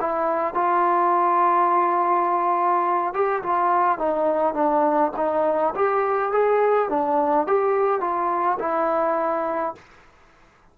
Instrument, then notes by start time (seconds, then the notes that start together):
trombone
0.00 E4
0.54 F4
3.13 G4
3.42 F4
3.98 D#4
4.54 D4
5.16 D#4
5.75 G4
6.32 G#4
6.89 D4
7.46 G4
8.00 F4
8.59 E4